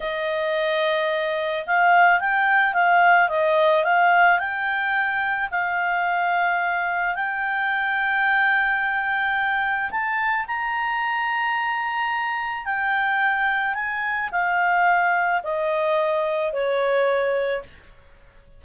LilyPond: \new Staff \with { instrumentName = "clarinet" } { \time 4/4 \tempo 4 = 109 dis''2. f''4 | g''4 f''4 dis''4 f''4 | g''2 f''2~ | f''4 g''2.~ |
g''2 a''4 ais''4~ | ais''2. g''4~ | g''4 gis''4 f''2 | dis''2 cis''2 | }